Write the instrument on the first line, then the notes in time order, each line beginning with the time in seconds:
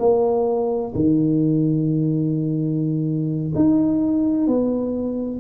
tuba
0.00 A#3
0.95 D#3
3.55 D#4
4.48 B3